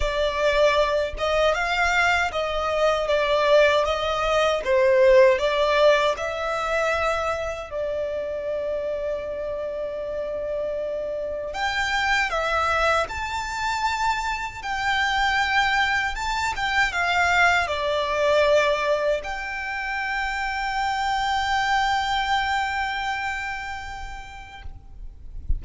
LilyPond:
\new Staff \with { instrumentName = "violin" } { \time 4/4 \tempo 4 = 78 d''4. dis''8 f''4 dis''4 | d''4 dis''4 c''4 d''4 | e''2 d''2~ | d''2. g''4 |
e''4 a''2 g''4~ | g''4 a''8 g''8 f''4 d''4~ | d''4 g''2.~ | g''1 | }